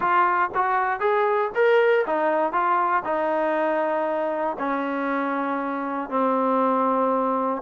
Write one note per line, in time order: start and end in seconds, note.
0.00 0.50 F4
0.55 1.00 F#4
1.00 1.50 G#4
1.54 2.05 A#4
2.06 2.52 D#4
2.52 3.03 F4
3.04 4.56 D#4
4.59 6.09 C#4
6.09 7.62 C4